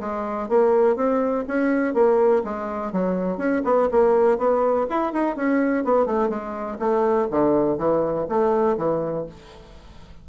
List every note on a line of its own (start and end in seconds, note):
0.00 0.49 G#3
0.49 0.96 A#3
0.96 1.45 C4
1.47 1.94 C#4
1.94 2.43 A#3
2.44 2.92 G#3
2.92 3.38 F#3
3.38 3.62 C#4
3.65 3.89 B3
3.91 4.38 A#3
4.38 4.87 B3
4.90 5.13 E4
5.13 5.36 D#4
5.36 5.85 C#4
5.85 6.06 B3
6.06 6.29 A3
6.29 6.78 G#3
6.79 7.28 A3
7.31 7.78 D3
7.78 8.27 E3
8.29 8.77 A3
8.77 9.26 E3